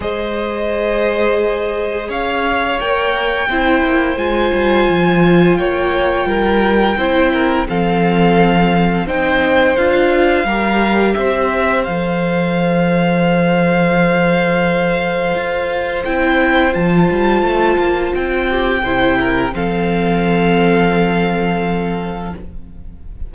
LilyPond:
<<
  \new Staff \with { instrumentName = "violin" } { \time 4/4 \tempo 4 = 86 dis''2. f''4 | g''2 gis''2 | g''2. f''4~ | f''4 g''4 f''2 |
e''4 f''2.~ | f''2. g''4 | a''2 g''2 | f''1 | }
  \new Staff \with { instrumentName = "violin" } { \time 4/4 c''2. cis''4~ | cis''4 c''2. | cis''4 ais'4 c''8 ais'8 a'4~ | a'4 c''2 ais'4 |
c''1~ | c''1~ | c''2~ c''8 g'8 c''8 ais'8 | a'1 | }
  \new Staff \with { instrumentName = "viola" } { \time 4/4 gis'1 | ais'4 e'4 f'2~ | f'2 e'4 c'4~ | c'4 dis'4 f'4 g'4~ |
g'4 a'2.~ | a'2. e'4 | f'2. e'4 | c'1 | }
  \new Staff \with { instrumentName = "cello" } { \time 4/4 gis2. cis'4 | ais4 c'8 ais8 gis8 g8 f4 | ais4 g4 c'4 f4~ | f4 c'4 d'4 g4 |
c'4 f2.~ | f2 f'4 c'4 | f8 g8 a8 ais8 c'4 c4 | f1 | }
>>